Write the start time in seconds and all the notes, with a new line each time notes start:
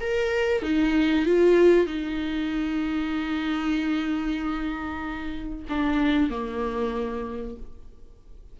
0.00 A#4
0.62 D#4
1.25 F4
1.86 D#4
5.69 D4
6.29 A#3